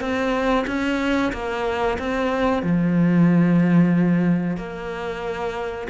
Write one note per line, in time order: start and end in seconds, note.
0.00 0.65 C4
0.67 1.32 C#4
1.32 1.97 A#3
1.99 2.62 C4
2.62 4.57 F3
4.57 5.87 A#3